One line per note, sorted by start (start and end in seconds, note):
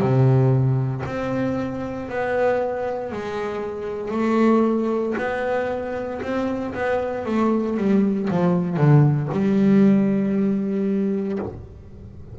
0.00 1.03 C3
1.06 2.09 C4
2.09 3.12 B3
3.12 4.11 G#3
4.11 5.15 A3
5.18 6.21 B3
6.22 6.74 C4
6.74 7.26 B3
7.26 7.77 A3
7.77 8.29 G3
8.31 8.77 F3
8.77 9.29 D3
9.32 11.39 G3